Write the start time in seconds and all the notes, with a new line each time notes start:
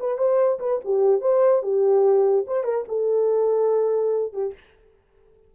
0.00 B4
0.18 C5
0.59 B4
0.85 G4
1.21 C5
1.63 G4
2.47 C5
2.64 A#4
2.88 A4
4.33 G4